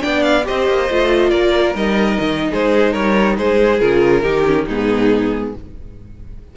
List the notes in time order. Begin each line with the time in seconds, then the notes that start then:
0.00 B3 D4 D5 G5
0.23 F5
0.44 C4 G4 C5 D#5
0.68 A#3
0.90 A3 F4
1.30 A#3 A#4 D5
1.75 G3 D#4 D#5
2.20 D#3
2.51 G#3 G#4 C5
2.92 G3 A#4 C#5
3.38 G#3 G#4 C5
3.80 C#3 F4 A#4
4.23 D#3 D#4 G4
4.45 C#4
4.67 G#2 B3 D#4 G#4